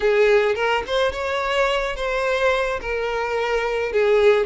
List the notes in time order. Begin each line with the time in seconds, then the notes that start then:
0.00 G#4
0.55 A#4
0.87 C5
1.12 C#5
1.95 C5
2.81 A#4
3.92 G#4